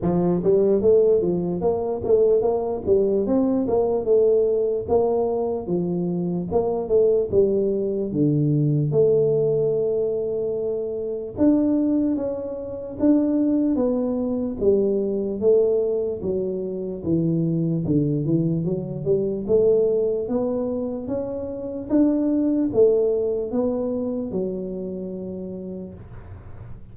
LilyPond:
\new Staff \with { instrumentName = "tuba" } { \time 4/4 \tempo 4 = 74 f8 g8 a8 f8 ais8 a8 ais8 g8 | c'8 ais8 a4 ais4 f4 | ais8 a8 g4 d4 a4~ | a2 d'4 cis'4 |
d'4 b4 g4 a4 | fis4 e4 d8 e8 fis8 g8 | a4 b4 cis'4 d'4 | a4 b4 fis2 | }